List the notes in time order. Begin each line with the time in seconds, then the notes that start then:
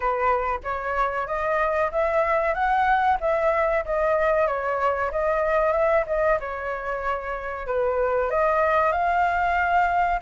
0.00 B4
0.63 C#5
1.26 D#5
1.91 E5
2.54 F#5
3.20 E5
3.85 D#5
4.47 C#5
5.11 D#5
5.72 E5
6.06 D#5
6.39 C#5
7.66 B4
8.30 D#5
8.92 F5